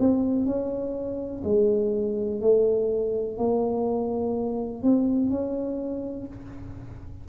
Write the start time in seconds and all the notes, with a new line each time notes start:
0.00 C4
0.46 C#4
1.44 G#3
2.41 A3
3.38 A#3
4.83 C4
5.30 C#4